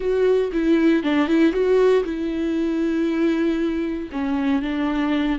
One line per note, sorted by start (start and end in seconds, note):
0.00 0.51 F#4
0.52 1.03 E4
1.03 1.27 D4
1.27 1.52 E4
1.52 2.03 F#4
2.04 4.09 E4
4.12 4.62 C#4
4.62 5.38 D4